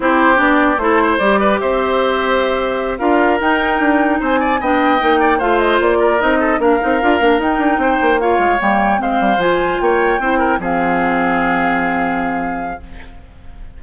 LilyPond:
<<
  \new Staff \with { instrumentName = "flute" } { \time 4/4 \tempo 4 = 150 c''4 d''4 c''4 d''4 | e''2.~ e''8 f''8~ | f''8 g''2 gis''4 g''8~ | g''4. f''8 dis''8 d''4 dis''8~ |
dis''8 f''2 g''4.~ | g''8 f''4 g''4 f''4 gis''8~ | gis''8 g''2 f''4.~ | f''1 | }
  \new Staff \with { instrumentName = "oboe" } { \time 4/4 g'2 a'8 c''4 b'8 | c''2.~ c''8 ais'8~ | ais'2~ ais'8 c''8 d''8 dis''8~ | dis''4 d''8 c''4. ais'4 |
a'8 ais'2. c''8~ | c''8 cis''2 c''4.~ | c''8 cis''4 c''8 ais'8 gis'4.~ | gis'1 | }
  \new Staff \with { instrumentName = "clarinet" } { \time 4/4 e'4 d'4 e'4 g'4~ | g'2.~ g'8 f'8~ | f'8 dis'2. d'8~ | d'8 dis'4 f'2 dis'8~ |
dis'8 d'8 dis'8 f'8 d'8 dis'4.~ | dis'8 f'4 ais4 c'4 f'8~ | f'4. e'4 c'4.~ | c'1 | }
  \new Staff \with { instrumentName = "bassoon" } { \time 4/4 c'4 b4 a4 g4 | c'2.~ c'8 d'8~ | d'8 dis'4 d'4 c'4 b8~ | b8 ais4 a4 ais4 c'8~ |
c'8 ais8 c'8 d'8 ais8 dis'8 d'8 c'8 | ais4 gis8 g4 gis8 g8 f8~ | f8 ais4 c'4 f4.~ | f1 | }
>>